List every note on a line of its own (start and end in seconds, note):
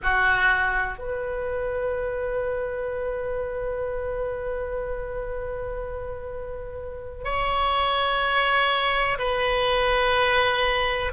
0.03 0.98 F#4
0.98 7.24 B4
7.24 9.18 C#5
9.18 11.12 B4